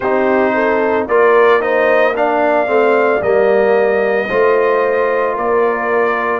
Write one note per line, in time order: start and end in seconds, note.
0.00 1.07 C4
0.00 1.09 D#4
0.00 0.53 G4
0.00 1.06 C5
0.54 1.07 A4
1.07 2.67 A#3
1.07 1.60 F4
1.07 1.60 A#4
1.07 1.61 D5
1.60 2.14 D#4
1.60 2.14 C5
1.60 2.15 D#5
2.15 2.66 D4
2.15 4.28 D5
2.15 3.22 F5
2.66 3.21 A3
2.66 3.20 C4
3.21 4.28 G3
3.21 4.28 A#3
3.21 5.36 D#5
4.28 5.37 A3
4.28 6.39 F4
4.28 5.34 C5
5.34 6.39 A#3
5.34 6.39 A#4
5.34 6.39 D5